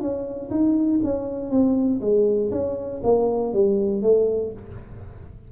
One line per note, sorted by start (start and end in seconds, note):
0.00 0.50 C#4
0.50 1.00 D#4
1.04 1.50 C#4
1.50 2.00 C4
2.01 2.51 G#3
2.51 3.01 C#4
3.04 3.53 A#3
3.53 4.03 G3
4.03 4.53 A3